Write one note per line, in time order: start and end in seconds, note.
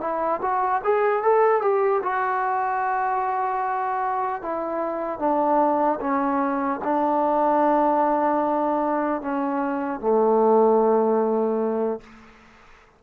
0.00 0.40 E4
0.41 0.81 F#4
0.84 1.23 G#4
1.23 1.61 A4
1.61 2.01 G4
2.03 4.42 F#4
4.42 5.19 E4
5.19 5.99 D4
6.00 6.80 C#4
6.84 9.21 D4
9.21 10.00 C#4
10.00 12.00 A3